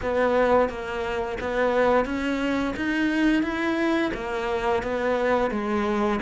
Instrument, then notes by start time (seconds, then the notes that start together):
cello
0.02 B3
0.69 A#3
1.40 B3
2.05 C#4
2.76 D#4
3.42 E4
4.14 A#3
4.82 B3
5.50 G#3